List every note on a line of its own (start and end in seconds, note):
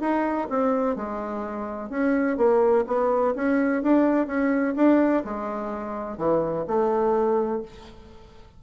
0.00 0.48 D#4
0.49 0.96 C4
0.96 1.89 G#3
1.89 2.37 C#4
2.37 2.85 A#3
2.87 3.34 B3
3.35 3.82 C#4
3.82 4.26 D4
4.26 4.74 C#4
4.76 5.23 D4
5.24 6.17 G#3
6.17 6.65 E3
6.67 7.62 A3